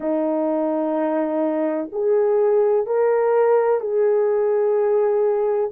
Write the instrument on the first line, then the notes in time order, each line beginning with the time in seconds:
horn
0.00 D#4
1.91 G#4
2.86 A#4
3.80 G#4